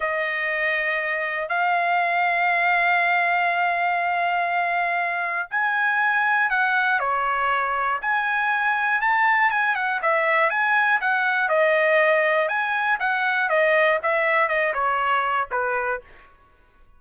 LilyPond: \new Staff \with { instrumentName = "trumpet" } { \time 4/4 \tempo 4 = 120 dis''2. f''4~ | f''1~ | f''2. gis''4~ | gis''4 fis''4 cis''2 |
gis''2 a''4 gis''8 fis''8 | e''4 gis''4 fis''4 dis''4~ | dis''4 gis''4 fis''4 dis''4 | e''4 dis''8 cis''4. b'4 | }